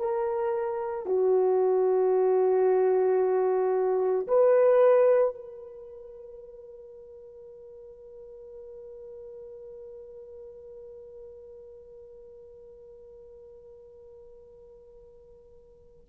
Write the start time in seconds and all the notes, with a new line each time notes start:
0.00 A#4
1.06 F#4
4.28 B4
5.35 A#4